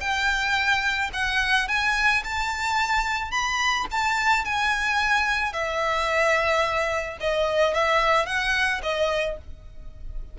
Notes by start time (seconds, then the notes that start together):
0.00 G5
1.13 F#5
1.68 G#5
2.24 A5
3.31 B5
3.91 A5
4.45 G#5
5.52 E5
7.20 D#5
7.74 E5
8.26 F#5
8.82 D#5